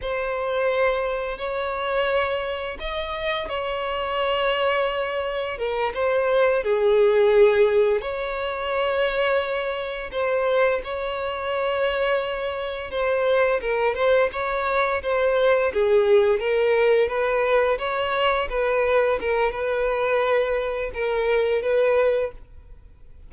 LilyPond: \new Staff \with { instrumentName = "violin" } { \time 4/4 \tempo 4 = 86 c''2 cis''2 | dis''4 cis''2. | ais'8 c''4 gis'2 cis''8~ | cis''2~ cis''8 c''4 cis''8~ |
cis''2~ cis''8 c''4 ais'8 | c''8 cis''4 c''4 gis'4 ais'8~ | ais'8 b'4 cis''4 b'4 ais'8 | b'2 ais'4 b'4 | }